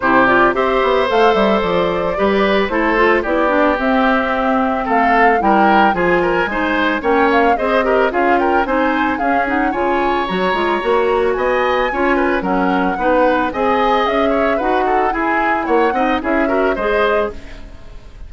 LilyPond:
<<
  \new Staff \with { instrumentName = "flute" } { \time 4/4 \tempo 4 = 111 c''8 d''8 e''4 f''8 e''8 d''4~ | d''4 c''4 d''4 e''4~ | e''4 f''4 g''4 gis''4~ | gis''4 g''8 f''8 dis''4 f''8 g''8 |
gis''4 f''8 fis''8 gis''4 ais''4~ | ais''4 gis''2 fis''4~ | fis''4 gis''4 e''4 fis''4 | gis''4 fis''4 e''4 dis''4 | }
  \new Staff \with { instrumentName = "oboe" } { \time 4/4 g'4 c''2. | b'4 a'4 g'2~ | g'4 a'4 ais'4 gis'8 ais'8 | c''4 cis''4 c''8 ais'8 gis'8 ais'8 |
c''4 gis'4 cis''2~ | cis''4 dis''4 cis''8 b'8 ais'4 | b'4 dis''4. cis''8 b'8 a'8 | gis'4 cis''8 dis''8 gis'8 ais'8 c''4 | }
  \new Staff \with { instrumentName = "clarinet" } { \time 4/4 e'8 f'8 g'4 a'2 | g'4 e'8 f'8 e'8 d'8 c'4~ | c'2 e'4 f'4 | dis'4 cis'4 gis'8 g'8 f'4 |
dis'4 cis'8 dis'8 f'4 fis'8 f'8 | fis'2 f'4 cis'4 | dis'4 gis'2 fis'4 | e'4. dis'8 e'8 fis'8 gis'4 | }
  \new Staff \with { instrumentName = "bassoon" } { \time 4/4 c4 c'8 b8 a8 g8 f4 | g4 a4 b4 c'4~ | c'4 a4 g4 f4 | gis4 ais4 c'4 cis'4 |
c'4 cis'4 cis4 fis8 gis8 | ais4 b4 cis'4 fis4 | b4 c'4 cis'4 dis'4 | e'4 ais8 c'8 cis'4 gis4 | }
>>